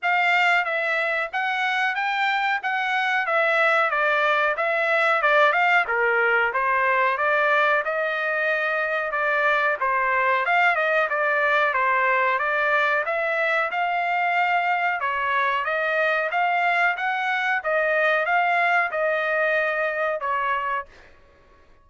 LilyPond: \new Staff \with { instrumentName = "trumpet" } { \time 4/4 \tempo 4 = 92 f''4 e''4 fis''4 g''4 | fis''4 e''4 d''4 e''4 | d''8 f''8 ais'4 c''4 d''4 | dis''2 d''4 c''4 |
f''8 dis''8 d''4 c''4 d''4 | e''4 f''2 cis''4 | dis''4 f''4 fis''4 dis''4 | f''4 dis''2 cis''4 | }